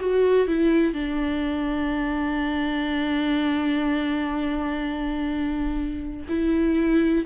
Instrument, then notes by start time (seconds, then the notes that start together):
viola
0.00 F#4
0.48 E4
0.94 D4
6.29 E4